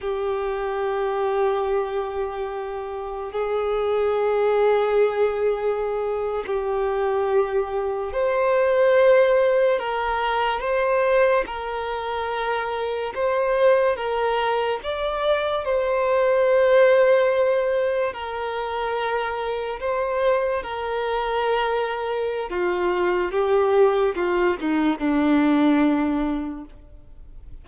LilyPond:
\new Staff \with { instrumentName = "violin" } { \time 4/4 \tempo 4 = 72 g'1 | gis'2.~ gis'8. g'16~ | g'4.~ g'16 c''2 ais'16~ | ais'8. c''4 ais'2 c''16~ |
c''8. ais'4 d''4 c''4~ c''16~ | c''4.~ c''16 ais'2 c''16~ | c''8. ais'2~ ais'16 f'4 | g'4 f'8 dis'8 d'2 | }